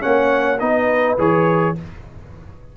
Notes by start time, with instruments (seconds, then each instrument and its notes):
0.00 tuba A#3, trombone C#4, horn C#5, trumpet F#5
0.59 tuba B3, trombone D#4, horn B4, trumpet D#5
1.18 tuba E3, trombone G#4, trumpet C#5